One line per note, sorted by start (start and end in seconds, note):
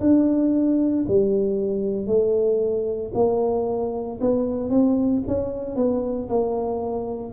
0.00 1.05 D4
1.08 2.06 G3
2.06 3.11 A3
3.13 4.19 A#3
4.20 4.69 B3
4.69 5.22 C4
5.27 5.76 C#4
5.76 6.28 B3
6.29 7.32 A#3